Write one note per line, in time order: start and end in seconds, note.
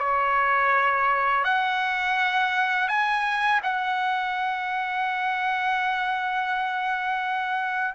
0.00 1.44 C#5
1.44 2.88 F#5
2.88 3.60 G#5
3.63 7.95 F#5